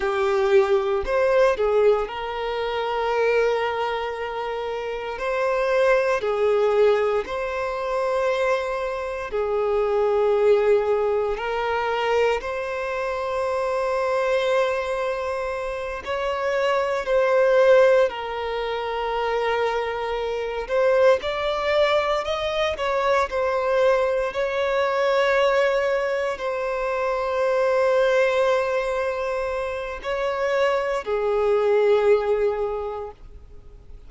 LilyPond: \new Staff \with { instrumentName = "violin" } { \time 4/4 \tempo 4 = 58 g'4 c''8 gis'8 ais'2~ | ais'4 c''4 gis'4 c''4~ | c''4 gis'2 ais'4 | c''2.~ c''8 cis''8~ |
cis''8 c''4 ais'2~ ais'8 | c''8 d''4 dis''8 cis''8 c''4 cis''8~ | cis''4. c''2~ c''8~ | c''4 cis''4 gis'2 | }